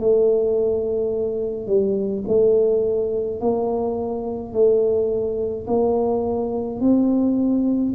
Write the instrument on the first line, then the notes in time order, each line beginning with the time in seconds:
tuba
0.00 A3
1.68 G3
2.28 A3
3.41 A#3
4.53 A3
5.68 A#3
6.81 C4